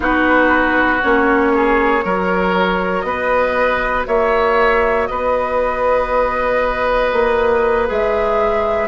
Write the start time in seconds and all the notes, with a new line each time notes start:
0.00 B3 D#4 F#4 B4
1.02 A#3 C#4 C#5
1.54 G#4
2.03 F#3 F#4 A#4
3.01 B3 B4 D#5
4.07 A#3 C#5 E5
5.06 B3 B4 D#5
7.12 A#3
7.86 G#3 G#4 E5